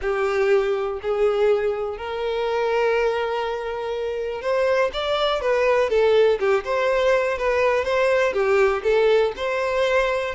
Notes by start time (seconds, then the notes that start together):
0.01 G4
1.02 G#4
1.97 A#4
4.41 C5
4.93 D5
5.41 B4
5.89 A4
6.39 G4
6.64 C5
7.38 B4
7.84 C5
8.33 G4
8.83 A4
9.36 C5